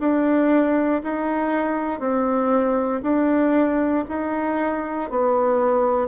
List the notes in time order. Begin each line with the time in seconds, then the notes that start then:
0.00 D4
1.04 D#4
2.00 C4
3.03 D4
4.09 D#4
5.10 B3